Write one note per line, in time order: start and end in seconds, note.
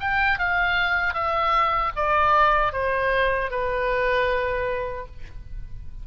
0.00 0.38 G5
0.38 1.14 F5
1.14 1.92 E5
1.96 2.72 D5
2.72 3.50 C5
3.50 5.06 B4